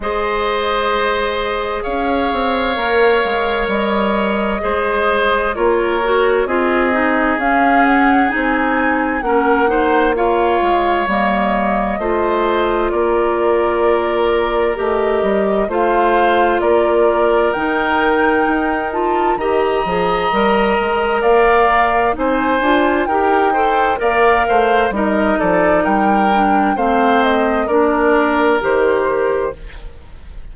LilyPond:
<<
  \new Staff \with { instrumentName = "flute" } { \time 4/4 \tempo 4 = 65 dis''2 f''2 | dis''2 cis''4 dis''4 | f''8 fis''8 gis''4 fis''4 f''4 | dis''2 d''2 |
dis''4 f''4 d''4 g''4~ | g''8 a''8 ais''2 f''4 | gis''4 g''4 f''4 dis''8 d''8 | g''4 f''8 dis''8 d''4 c''4 | }
  \new Staff \with { instrumentName = "oboe" } { \time 4/4 c''2 cis''2~ | cis''4 c''4 ais'4 gis'4~ | gis'2 ais'8 c''8 cis''4~ | cis''4 c''4 ais'2~ |
ais'4 c''4 ais'2~ | ais'4 dis''2 d''4 | c''4 ais'8 c''8 d''8 c''8 ais'8 a'8 | ais'4 c''4 ais'2 | }
  \new Staff \with { instrumentName = "clarinet" } { \time 4/4 gis'2. ais'4~ | ais'4 gis'4 f'8 fis'8 f'8 dis'8 | cis'4 dis'4 cis'8 dis'8 f'4 | ais4 f'2. |
g'4 f'2 dis'4~ | dis'8 f'8 g'8 gis'8 ais'2 | dis'8 f'8 g'8 a'8 ais'4 dis'4~ | dis'8 d'8 c'4 d'4 g'4 | }
  \new Staff \with { instrumentName = "bassoon" } { \time 4/4 gis2 cis'8 c'8 ais8 gis8 | g4 gis4 ais4 c'4 | cis'4 c'4 ais4. gis8 | g4 a4 ais2 |
a8 g8 a4 ais4 dis4 | dis'4 dis8 f8 g8 gis8 ais4 | c'8 d'8 dis'4 ais8 a8 g8 f8 | g4 a4 ais4 dis4 | }
>>